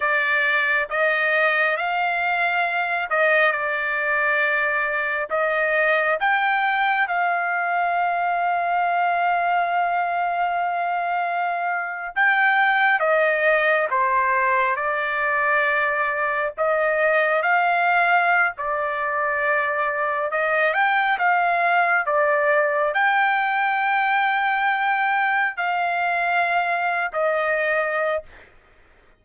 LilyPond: \new Staff \with { instrumentName = "trumpet" } { \time 4/4 \tempo 4 = 68 d''4 dis''4 f''4. dis''8 | d''2 dis''4 g''4 | f''1~ | f''4.~ f''16 g''4 dis''4 c''16~ |
c''8. d''2 dis''4 f''16~ | f''4 d''2 dis''8 g''8 | f''4 d''4 g''2~ | g''4 f''4.~ f''16 dis''4~ dis''16 | }